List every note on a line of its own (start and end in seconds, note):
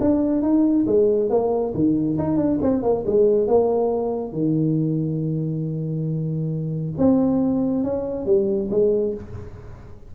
0.00 0.42 D4
0.42 0.86 D#4
0.87 1.30 G#3
1.30 1.73 A#3
1.74 2.18 D#3
2.18 2.37 D#4
2.37 2.58 D4
2.62 2.83 C4
2.83 3.04 A#3
3.06 3.47 G#3
3.47 4.33 A#3
4.33 6.93 D#3
6.98 7.84 C4
7.84 8.26 C#4
8.26 8.69 G3
8.71 9.14 G#3